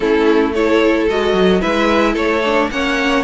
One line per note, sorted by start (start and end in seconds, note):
0.00 1.07 A3
0.00 0.54 C#4
0.00 0.54 E4
0.00 0.53 A4
0.53 1.09 E4
0.53 1.60 A4
0.53 1.08 C#5
1.09 1.33 G#3
1.09 1.60 F#4
1.09 1.61 D#5
1.33 1.60 F#3
1.60 2.15 G#3
1.60 2.41 E4
1.60 2.12 B4
1.60 2.15 E5
2.12 2.69 A3
2.12 2.66 A4
2.12 2.70 C#5
2.44 2.71 D4
2.70 3.24 A#3
2.70 3.24 C#4
2.70 3.24 C#5
2.70 3.24 F#5